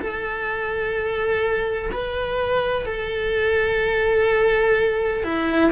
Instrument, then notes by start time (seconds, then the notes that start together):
cello
0.00 A4
1.93 B4
2.86 A4
5.24 E4